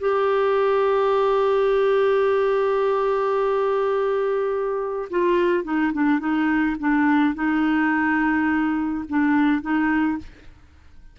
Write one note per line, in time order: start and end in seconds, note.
0.00 5.09 G4
5.10 5.64 F4
5.64 5.92 D#4
5.93 6.20 D4
6.20 6.76 D#4
6.79 7.35 D4
7.35 9.05 D#4
9.09 9.62 D4
9.62 10.19 D#4